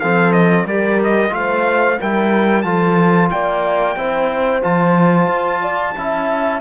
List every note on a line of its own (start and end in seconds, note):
0.00 0.65 F3
0.00 0.68 C4
0.00 0.66 A4
0.00 0.32 F5
0.32 0.65 D#5
0.65 1.31 G3
0.65 1.30 G4
0.65 1.32 A#4
0.65 1.00 D5
1.04 1.34 D#5
1.30 1.98 A3
1.30 1.96 F4
1.30 2.00 F5
1.36 2.00 C5
2.00 2.64 G3
2.00 2.65 E4
2.00 2.65 A#4
2.00 2.62 G5
2.62 3.30 F3
2.62 3.96 F4
2.62 3.31 A4
2.62 3.28 A5
3.31 3.96 A#3
3.31 3.98 D5
3.31 4.62 G5
3.96 4.62 C4
3.96 4.62 E4
3.96 5.61 C5
4.62 5.27 F3
4.62 5.94 F4
4.62 6.61 A5
5.27 5.93 F4
5.61 5.94 D5
5.97 6.61 C#4
5.97 6.61 E4
5.97 6.61 E5